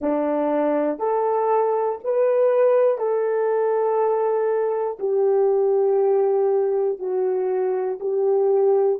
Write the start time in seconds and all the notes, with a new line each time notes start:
0.01 D4
0.98 A4
2.04 B4
2.97 A4
4.99 G4
6.98 F#4
8.00 G4